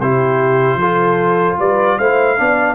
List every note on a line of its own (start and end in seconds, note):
0.00 0.76 C3
0.00 0.82 E4
0.00 0.79 G4
0.00 1.59 C5
0.76 1.55 F3
0.76 1.59 A4
0.82 2.00 F4
1.59 1.99 G3
1.59 1.98 B4
1.59 1.99 D5
1.98 2.39 A3
1.98 2.38 E4
1.98 2.37 C5
1.98 2.75 F5
2.38 2.75 B3
2.38 2.75 D4
2.38 2.75 D5